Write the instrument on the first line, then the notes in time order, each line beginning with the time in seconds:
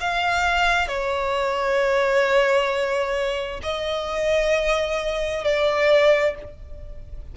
violin
0.00 F5
0.88 C#5
3.62 D#5
5.44 D5